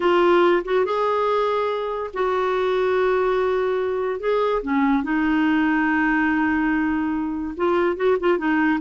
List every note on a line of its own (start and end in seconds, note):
0.00 0.63 F4
0.64 0.85 F#4
0.85 2.11 G#4
2.13 4.20 F#4
4.20 4.62 G#4
4.62 5.03 C#4
5.03 7.54 D#4
7.56 7.96 F4
7.96 8.17 F#4
8.20 8.37 F4
8.37 8.79 D#4